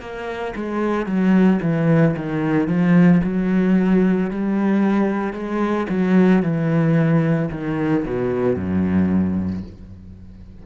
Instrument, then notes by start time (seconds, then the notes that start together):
cello
0.00 A#3
0.56 G#3
1.06 F#3
1.62 E3
2.16 D#3
2.67 F3
3.23 F#3
4.31 G3
5.33 G#3
5.89 F#3
6.42 E3
7.51 D#3
8.05 B2
8.56 F#2